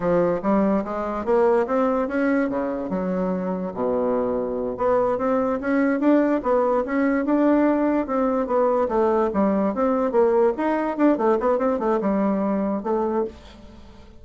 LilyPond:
\new Staff \with { instrumentName = "bassoon" } { \time 4/4 \tempo 4 = 145 f4 g4 gis4 ais4 | c'4 cis'4 cis4 fis4~ | fis4 b,2~ b,8 b8~ | b8 c'4 cis'4 d'4 b8~ |
b8 cis'4 d'2 c'8~ | c'8 b4 a4 g4 c'8~ | c'8 ais4 dis'4 d'8 a8 b8 | c'8 a8 g2 a4 | }